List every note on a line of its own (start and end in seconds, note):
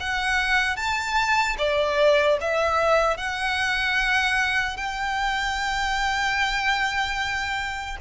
0.00 0.76 F#5
0.76 1.56 A5
1.58 2.38 D5
2.41 3.17 E5
3.17 4.77 F#5
4.77 7.97 G5